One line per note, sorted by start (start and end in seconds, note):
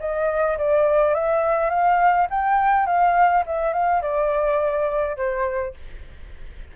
0.00 0.58 D#5
0.58 1.14 D5
1.14 1.70 E5
1.70 2.27 F5
2.30 2.86 G5
2.86 3.44 F5
3.46 3.73 E5
3.73 4.02 F5
4.02 5.16 D5
5.16 5.74 C5